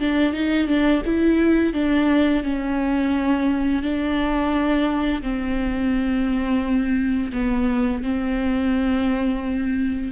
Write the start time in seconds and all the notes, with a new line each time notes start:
0.00 D4
0.33 D#4
0.68 D4
1.06 E4
1.74 D4
2.44 C#4
3.83 D4
5.23 C4
7.33 B3
8.03 C4